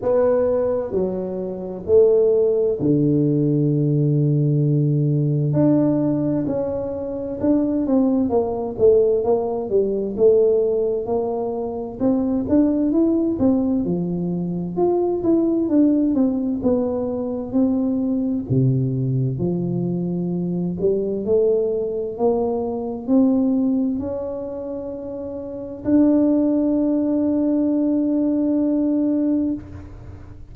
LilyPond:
\new Staff \with { instrumentName = "tuba" } { \time 4/4 \tempo 4 = 65 b4 fis4 a4 d4~ | d2 d'4 cis'4 | d'8 c'8 ais8 a8 ais8 g8 a4 | ais4 c'8 d'8 e'8 c'8 f4 |
f'8 e'8 d'8 c'8 b4 c'4 | c4 f4. g8 a4 | ais4 c'4 cis'2 | d'1 | }